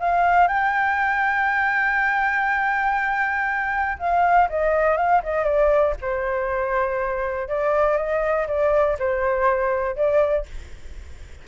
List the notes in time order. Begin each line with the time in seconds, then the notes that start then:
0.00 F5
0.48 G5
3.99 F5
4.50 D#5
4.97 F5
5.24 D#5
5.45 D5
6.01 C5
7.48 D5
7.97 D#5
8.47 D5
8.99 C5
9.96 D5